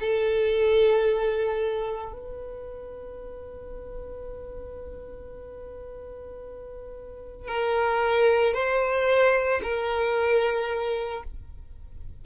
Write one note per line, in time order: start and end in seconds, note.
0.00 2.12 A4
2.12 7.48 B4
7.48 8.54 A#4
8.54 9.61 C5
9.63 11.24 A#4